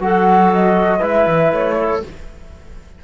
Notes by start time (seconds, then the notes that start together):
0.00 F#3 F#4 A4 F#5
0.53 D#5
0.99 G#3 E4 B4 E5
1.27 E3
1.52 A3 C#5
1.78 A4